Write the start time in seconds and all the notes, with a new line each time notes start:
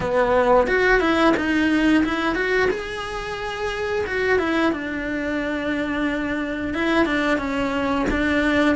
0.00 B3
0.67 F#4
1.00 E4
1.36 D#4
2.04 E4
2.35 F#4
2.70 G#4
4.06 F#4
4.38 E4
4.72 D4
6.74 E4
7.05 D4
7.38 C#4
8.10 D4